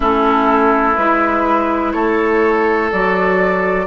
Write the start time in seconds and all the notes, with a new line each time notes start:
0.00 A3 C#4 E4 A4
0.96 G#3 E4 B4
1.92 A3 A4 C#5
2.91 F#3 F#4 D5